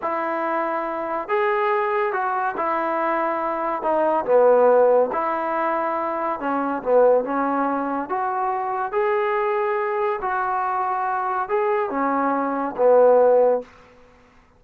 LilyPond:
\new Staff \with { instrumentName = "trombone" } { \time 4/4 \tempo 4 = 141 e'2. gis'4~ | gis'4 fis'4 e'2~ | e'4 dis'4 b2 | e'2. cis'4 |
b4 cis'2 fis'4~ | fis'4 gis'2. | fis'2. gis'4 | cis'2 b2 | }